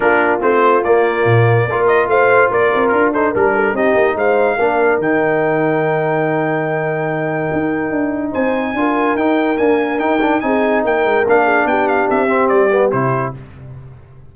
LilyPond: <<
  \new Staff \with { instrumentName = "trumpet" } { \time 4/4 \tempo 4 = 144 ais'4 c''4 d''2~ | d''8 dis''8 f''4 d''4 ais'8 c''8 | ais'4 dis''4 f''2 | g''1~ |
g''1 | gis''2 g''4 gis''4 | g''4 gis''4 g''4 f''4 | g''8 f''8 e''4 d''4 c''4 | }
  \new Staff \with { instrumentName = "horn" } { \time 4/4 f'1 | ais'4 c''4 ais'4. a'8 | ais'8 a'8 g'4 c''4 ais'4~ | ais'1~ |
ais'1 | c''4 ais'2.~ | ais'4 gis'4 ais'4. gis'8 | g'1 | }
  \new Staff \with { instrumentName = "trombone" } { \time 4/4 d'4 c'4 ais2 | f'2.~ f'8 dis'8 | d'4 dis'2 d'4 | dis'1~ |
dis'1~ | dis'4 f'4 dis'4 ais4 | dis'8 d'8 dis'2 d'4~ | d'4. c'4 b8 e'4 | }
  \new Staff \with { instrumentName = "tuba" } { \time 4/4 ais4 a4 ais4 ais,4 | ais4 a4 ais8 c'8 d'4 | g4 c'8 ais8 gis4 ais4 | dis1~ |
dis2 dis'4 d'4 | c'4 d'4 dis'4 d'4 | dis'4 c'4 ais8 gis8 ais4 | b4 c'4 g4 c4 | }
>>